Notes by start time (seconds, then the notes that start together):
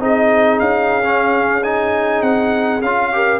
0.00 C4 D#4 G#4 D#5
0.59 C#4 F5
1.03 C#4
1.63 D#4 G#5
2.22 C4 F#5
2.81 C#4 F4 F5
3.13 G4 A#4